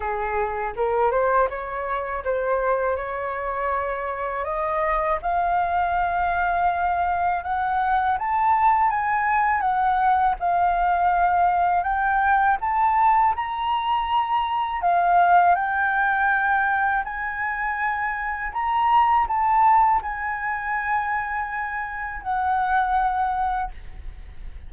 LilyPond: \new Staff \with { instrumentName = "flute" } { \time 4/4 \tempo 4 = 81 gis'4 ais'8 c''8 cis''4 c''4 | cis''2 dis''4 f''4~ | f''2 fis''4 a''4 | gis''4 fis''4 f''2 |
g''4 a''4 ais''2 | f''4 g''2 gis''4~ | gis''4 ais''4 a''4 gis''4~ | gis''2 fis''2 | }